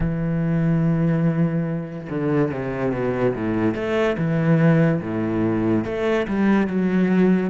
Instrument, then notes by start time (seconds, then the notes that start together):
cello
0.00 E3
2.09 D3
2.51 C3
2.91 B2
3.34 A2
3.75 A3
4.17 E3
5.01 A2
5.84 A3
6.27 G3
6.67 F#3